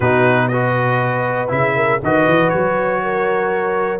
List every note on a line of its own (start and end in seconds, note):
0.00 1.51 B2
0.00 0.52 D#4
0.00 0.50 F#4
0.00 0.48 B4
0.48 1.48 F#4
0.48 1.75 B4
0.48 1.49 D#5
1.48 2.01 C#3
1.48 1.98 E4
1.48 2.01 E5
1.75 2.01 A#4
2.03 2.27 D#3
2.03 3.99 F#4
2.03 3.02 B4
2.03 2.49 D#5
2.27 2.52 E3
2.49 3.99 F#3
2.49 3.99 C#5
3.02 3.99 A#4